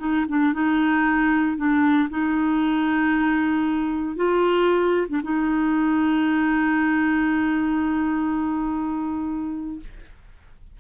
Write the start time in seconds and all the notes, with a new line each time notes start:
0.00 D#4
0.29 D4
0.54 D#4
1.57 D4
2.10 D#4
4.16 F4
5.09 D4
5.24 D#4